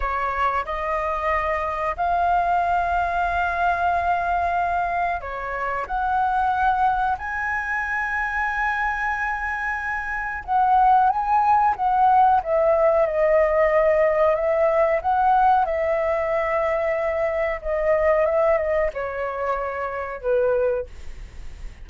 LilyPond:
\new Staff \with { instrumentName = "flute" } { \time 4/4 \tempo 4 = 92 cis''4 dis''2 f''4~ | f''1 | cis''4 fis''2 gis''4~ | gis''1 |
fis''4 gis''4 fis''4 e''4 | dis''2 e''4 fis''4 | e''2. dis''4 | e''8 dis''8 cis''2 b'4 | }